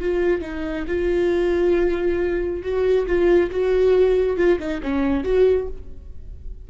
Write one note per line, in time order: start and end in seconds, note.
0.00 0.42 F4
0.42 0.85 D#4
0.88 2.63 F4
2.63 3.06 F#4
3.07 3.50 F4
3.51 4.37 F#4
4.37 4.59 F4
4.59 4.81 D#4
4.83 5.24 C#4
5.24 5.68 F#4